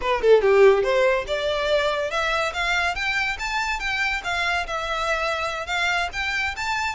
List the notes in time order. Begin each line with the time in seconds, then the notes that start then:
0.01 B4
0.21 A4
0.41 G4
0.83 C5
1.27 D5
2.10 E5
2.53 F5
2.95 G5
3.39 A5
3.79 G5
4.24 F5
4.67 E5
5.66 F5
6.13 G5
6.56 A5